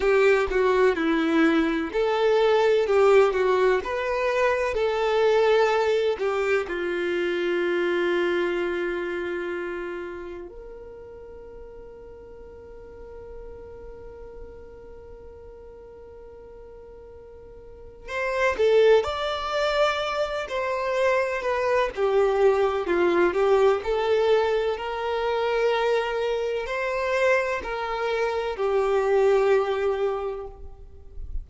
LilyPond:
\new Staff \with { instrumentName = "violin" } { \time 4/4 \tempo 4 = 63 g'8 fis'8 e'4 a'4 g'8 fis'8 | b'4 a'4. g'8 f'4~ | f'2. ais'4~ | ais'1~ |
ais'2. c''8 a'8 | d''4. c''4 b'8 g'4 | f'8 g'8 a'4 ais'2 | c''4 ais'4 g'2 | }